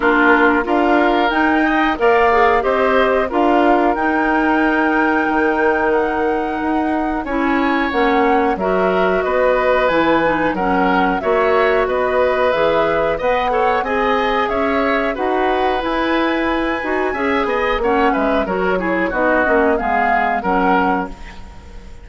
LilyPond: <<
  \new Staff \with { instrumentName = "flute" } { \time 4/4 \tempo 4 = 91 ais'4 f''4 g''4 f''4 | dis''4 f''4 g''2~ | g''4 fis''2 gis''4 | fis''4 e''4 dis''4 gis''4 |
fis''4 e''4 dis''4 e''4 | fis''4 gis''4 e''4 fis''4 | gis''2. fis''8 e''8 | cis''4 dis''4 f''4 fis''4 | }
  \new Staff \with { instrumentName = "oboe" } { \time 4/4 f'4 ais'4. dis''8 d''4 | c''4 ais'2.~ | ais'2. cis''4~ | cis''4 ais'4 b'2 |
ais'4 cis''4 b'2 | dis''8 cis''8 dis''4 cis''4 b'4~ | b'2 e''8 dis''8 cis''8 b'8 | ais'8 gis'8 fis'4 gis'4 ais'4 | }
  \new Staff \with { instrumentName = "clarinet" } { \time 4/4 d'4 f'4 dis'4 ais'8 gis'8 | g'4 f'4 dis'2~ | dis'2. e'4 | cis'4 fis'2 e'8 dis'8 |
cis'4 fis'2 gis'4 | b'8 a'8 gis'2 fis'4 | e'4. fis'8 gis'4 cis'4 | fis'8 e'8 dis'8 cis'8 b4 cis'4 | }
  \new Staff \with { instrumentName = "bassoon" } { \time 4/4 ais4 d'4 dis'4 ais4 | c'4 d'4 dis'2 | dis2 dis'4 cis'4 | ais4 fis4 b4 e4 |
fis4 ais4 b4 e4 | b4 c'4 cis'4 dis'4 | e'4. dis'8 cis'8 b8 ais8 gis8 | fis4 b8 ais8 gis4 fis4 | }
>>